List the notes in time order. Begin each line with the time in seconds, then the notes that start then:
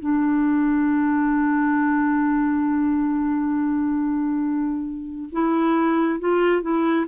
0.00 D4
5.32 E4
6.20 F4
6.62 E4